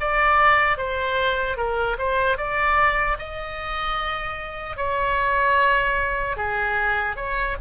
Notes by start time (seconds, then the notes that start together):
0.00 D5
0.77 C5
1.57 A#4
1.98 C5
2.37 D5
3.19 D#5
4.76 C#5
6.36 G#4
7.16 C#5